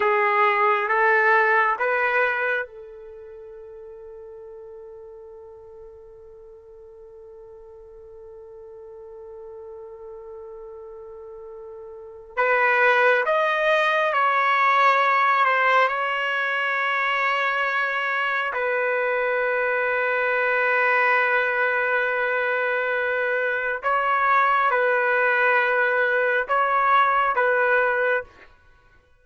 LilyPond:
\new Staff \with { instrumentName = "trumpet" } { \time 4/4 \tempo 4 = 68 gis'4 a'4 b'4 a'4~ | a'1~ | a'1~ | a'2 b'4 dis''4 |
cis''4. c''8 cis''2~ | cis''4 b'2.~ | b'2. cis''4 | b'2 cis''4 b'4 | }